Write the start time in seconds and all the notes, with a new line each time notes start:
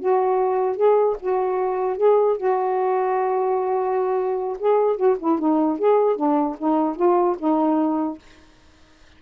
0.00 F#4
0.77 G#4
1.20 F#4
1.98 G#4
2.38 F#4
4.59 G#4
4.97 F#4
5.19 E4
5.39 D#4
5.79 G#4
6.17 D4
6.59 D#4
6.97 F4
7.39 D#4